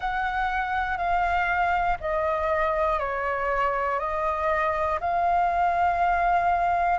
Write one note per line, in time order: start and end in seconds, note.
0.00 0.97 F#5
0.97 1.97 F5
2.00 2.99 D#5
2.99 3.99 C#5
3.99 4.99 D#5
5.00 6.99 F5